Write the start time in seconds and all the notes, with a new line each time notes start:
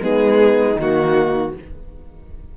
0.00 G#3 B3 D#4 G#4
0.76 D#3 A#3 F#4